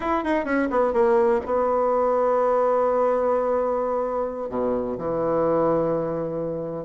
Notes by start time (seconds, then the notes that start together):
0.00 E4
0.24 D#4
0.44 C#4
0.70 B3
0.93 A#3
1.45 B3
4.49 B2
4.97 E3